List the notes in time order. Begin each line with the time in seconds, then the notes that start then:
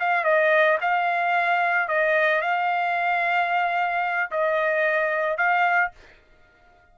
0.00 F5
0.25 D#5
0.81 F5
1.88 D#5
2.42 F5
4.31 D#5
5.38 F5